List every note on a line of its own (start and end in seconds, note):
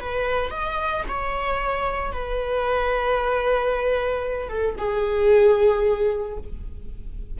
0.00 0.50 B4
0.50 1.04 D#5
1.08 2.12 C#5
2.12 4.49 B4
4.49 4.75 A4
4.78 6.37 G#4